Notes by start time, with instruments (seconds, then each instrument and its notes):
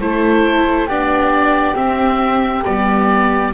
0.00 double bass A3, viola E4, flute A4, oboe C5
0.86 double bass B3, viola D4, flute G4, oboe D5
1.74 viola C4, double bass C4, oboe E5
2.65 double bass G3, viola B3, oboe D5